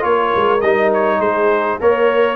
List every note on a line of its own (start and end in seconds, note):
0.00 0.33 A#3
0.00 0.59 F4
0.00 1.18 A#4
0.00 0.61 C#5
0.35 0.62 G#3
0.61 1.19 G3
0.61 1.80 D#4
0.61 0.90 D#5
0.94 1.20 C#5
1.18 1.78 G#3
1.18 1.77 G#4
1.18 1.79 C5
1.80 2.36 A#3
1.80 2.36 A#4
1.80 2.36 C#5